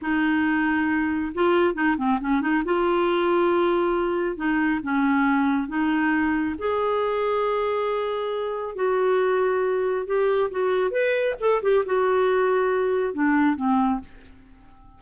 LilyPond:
\new Staff \with { instrumentName = "clarinet" } { \time 4/4 \tempo 4 = 137 dis'2. f'4 | dis'8 c'8 cis'8 dis'8 f'2~ | f'2 dis'4 cis'4~ | cis'4 dis'2 gis'4~ |
gis'1 | fis'2. g'4 | fis'4 b'4 a'8 g'8 fis'4~ | fis'2 d'4 c'4 | }